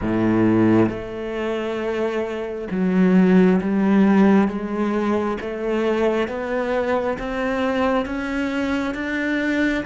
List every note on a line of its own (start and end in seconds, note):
0.01 0.89 A2
0.89 2.68 A3
2.70 3.60 F#3
3.61 4.48 G3
4.48 5.37 G#3
5.41 6.28 A3
6.28 7.17 B3
7.18 8.05 C4
8.05 8.94 C#4
8.94 9.83 D4